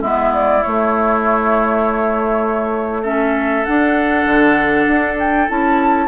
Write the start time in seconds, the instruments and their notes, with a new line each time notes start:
0.00 bassoon G#3, clarinet B3, oboe E4, flute E5
0.33 flute D5
0.63 clarinet A3, bassoon A3, flute C#5
3.02 clarinet C#4, oboe A4, flute E5
3.64 clarinet D4, bassoon D4, flute F#5
4.25 bassoon D3
4.87 bassoon D4
5.19 flute G5
5.48 bassoon C#4, clarinet E4, flute A5